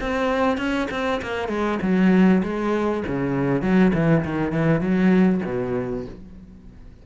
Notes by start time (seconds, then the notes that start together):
0.00 C4
0.57 C#4
0.90 C4
1.22 A#3
1.48 G#3
1.82 F#3
2.43 G#3
3.07 C#3
3.61 F#3
3.94 E3
4.25 D#3
4.52 E3
4.80 F#3
5.45 B2